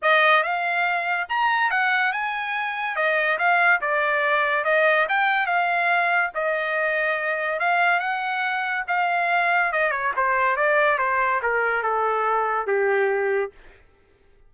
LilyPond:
\new Staff \with { instrumentName = "trumpet" } { \time 4/4 \tempo 4 = 142 dis''4 f''2 ais''4 | fis''4 gis''2 dis''4 | f''4 d''2 dis''4 | g''4 f''2 dis''4~ |
dis''2 f''4 fis''4~ | fis''4 f''2 dis''8 cis''8 | c''4 d''4 c''4 ais'4 | a'2 g'2 | }